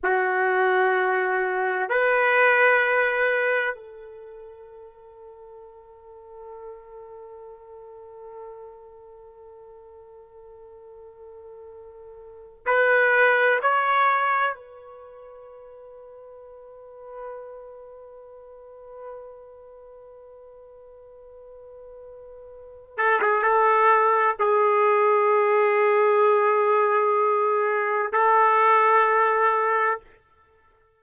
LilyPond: \new Staff \with { instrumentName = "trumpet" } { \time 4/4 \tempo 4 = 64 fis'2 b'2 | a'1~ | a'1~ | a'4. b'4 cis''4 b'8~ |
b'1~ | b'1~ | b'8 a'16 gis'16 a'4 gis'2~ | gis'2 a'2 | }